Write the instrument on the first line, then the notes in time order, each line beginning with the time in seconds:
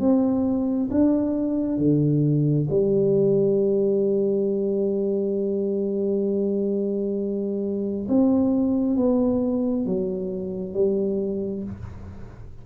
tuba
0.00 C4
0.91 D4
1.78 D3
2.70 G3
8.09 C4
8.97 B3
9.86 F#3
10.74 G3